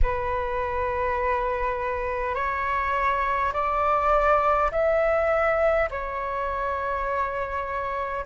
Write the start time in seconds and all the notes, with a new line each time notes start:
0.02 B4
2.34 C#5
3.53 D5
4.71 E5
5.90 C#5